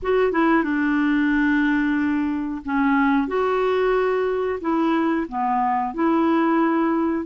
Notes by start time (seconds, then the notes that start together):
0.02 F#4
0.31 E4
0.63 D4
2.65 C#4
3.27 F#4
4.60 E4
5.28 B3
5.93 E4